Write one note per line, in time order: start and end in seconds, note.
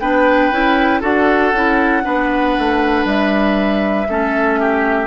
0.00 0.51 B3
0.00 0.53 D4
0.00 1.01 B4
0.00 1.02 G5
0.51 1.02 C#4
0.51 1.02 E4
1.01 1.53 D4
1.01 1.53 F#4
1.01 2.02 A4
1.01 3.07 F#5
1.53 2.04 C#4
1.53 2.03 E4
2.03 2.57 B3
2.03 4.07 D4
2.03 4.08 B4
2.58 3.05 A3
3.05 4.07 G3
3.05 5.07 E5
4.09 5.07 A3
4.09 5.07 C#4
4.09 4.60 A4
4.60 5.07 G4